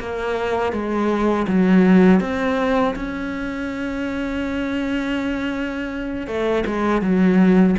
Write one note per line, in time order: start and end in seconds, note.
0.00 0.73 A#3
0.73 1.47 G#3
1.48 2.21 F#3
2.21 2.95 C4
2.96 6.28 C#4
6.28 6.65 A3
6.67 7.02 G#3
7.02 7.76 F#3